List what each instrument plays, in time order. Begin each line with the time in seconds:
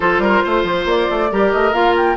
0.00 bassoon F3, clarinet F4, oboe A4, flute C5
0.18 bassoon G3, oboe A#4
0.43 bassoon A3, oboe C5
0.63 bassoon F3
0.85 bassoon A#3, flute D5
1.10 bassoon A3
1.31 bassoon G3, clarinet G4, oboe A#4
1.52 bassoon A3, flute D#5
1.72 bassoon A#3, clarinet F4, flute F5
1.96 flute G5